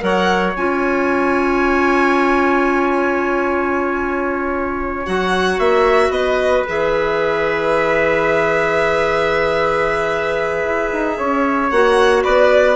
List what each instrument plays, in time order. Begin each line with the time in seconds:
0.00 bassoon F#3, clarinet A#4, trumpet C#5, violin F#5
0.56 bassoon C#4, clarinet F4, violin G#5
5.06 bassoon F#3, clarinet F#4, violin F#5
5.59 bassoon A#3, violin E5
6.10 bassoon B3, trumpet B4, violin D#5
6.68 bassoon E3, clarinet G#4, violin E5
10.65 bassoon E4
10.93 bassoon D#4
11.18 bassoon C#4, trumpet C#5
11.70 bassoon A#3, clarinet F#4, violin F#5
12.24 bassoon B3, trumpet B4, violin D5